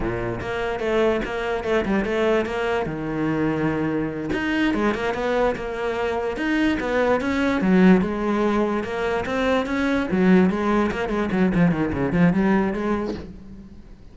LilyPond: \new Staff \with { instrumentName = "cello" } { \time 4/4 \tempo 4 = 146 ais,4 ais4 a4 ais4 | a8 g8 a4 ais4 dis4~ | dis2~ dis8 dis'4 gis8 | ais8 b4 ais2 dis'8~ |
dis'8 b4 cis'4 fis4 gis8~ | gis4. ais4 c'4 cis'8~ | cis'8 fis4 gis4 ais8 gis8 fis8 | f8 dis8 cis8 f8 g4 gis4 | }